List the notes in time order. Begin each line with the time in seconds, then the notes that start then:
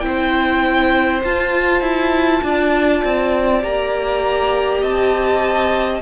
0.00 C4 E4 G5
0.07 C5
1.24 F4 A5
1.81 E4
2.43 D4 D5
3.04 C4
3.62 A#3 G4 A#5
4.81 C4 D#5 A5